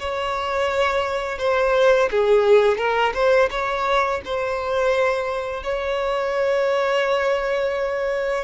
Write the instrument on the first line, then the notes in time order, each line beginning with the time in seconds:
violin
0.00 C#5
1.39 C5
2.11 G#4
2.78 A#4
3.15 C5
3.51 C#5
4.25 C5
5.64 C#5